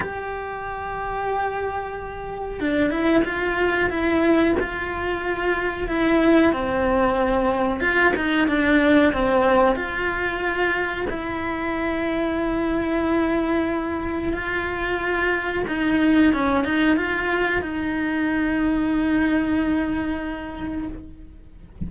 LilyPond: \new Staff \with { instrumentName = "cello" } { \time 4/4 \tempo 4 = 92 g'1 | d'8 e'8 f'4 e'4 f'4~ | f'4 e'4 c'2 | f'8 dis'8 d'4 c'4 f'4~ |
f'4 e'2.~ | e'2 f'2 | dis'4 cis'8 dis'8 f'4 dis'4~ | dis'1 | }